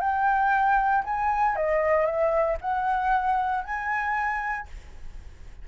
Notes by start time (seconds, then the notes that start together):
0.00 G5
1.04 G#5
1.56 D#5
2.05 E5
2.61 F#5
3.64 G#5